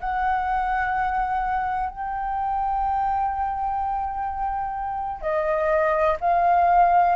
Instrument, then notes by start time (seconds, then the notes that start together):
flute
0.00 F#5
1.90 G5
5.21 D#5
6.20 F5